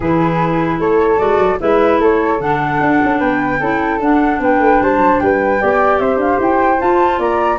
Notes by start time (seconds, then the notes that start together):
0.00 E3 E4 G#4 B4
0.79 A3 A4 C#5
1.18 G#3 F#4 D5
1.38 F#3
1.59 G#3 E4 B4 E5
1.99 A3 A4 C#5
2.39 D3 D4 F#5
2.80 D4
3.03 C#4
3.18 B3 B4 G5
3.59 C#4 E4 A4
3.99 D4 F#5
4.39 B3 B4 G5
4.59 A3
4.80 G3 C5 A5
4.97 F#3
5.19 G3 B4 G5
5.59 B3 G4 D5
5.98 C4 C5 E5
6.16 D4 F5
6.39 E4 G5
6.78 F4 A5
7.18 A#3 D5 A#5